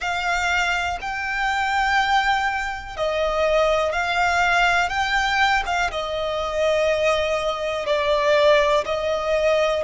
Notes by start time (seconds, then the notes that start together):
0.00 F5
1.01 G5
2.96 D#5
3.92 F5
4.89 G5
5.66 F5
5.91 D#5
7.86 D5
8.85 D#5